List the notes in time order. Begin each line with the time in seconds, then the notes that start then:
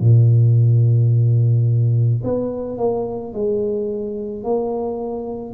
0.00 A#2
2.23 B3
2.77 A#3
3.33 G#3
4.43 A#3